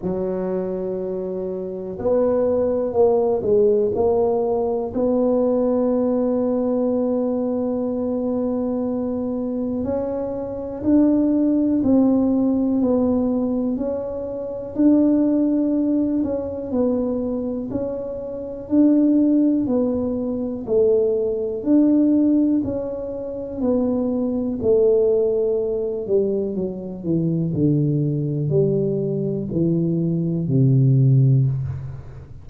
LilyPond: \new Staff \with { instrumentName = "tuba" } { \time 4/4 \tempo 4 = 61 fis2 b4 ais8 gis8 | ais4 b2.~ | b2 cis'4 d'4 | c'4 b4 cis'4 d'4~ |
d'8 cis'8 b4 cis'4 d'4 | b4 a4 d'4 cis'4 | b4 a4. g8 fis8 e8 | d4 g4 e4 c4 | }